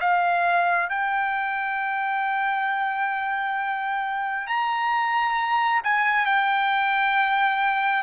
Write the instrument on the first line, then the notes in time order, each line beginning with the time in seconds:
trumpet
0.00 F5
0.89 G5
4.47 A#5
5.84 G#5
6.26 G5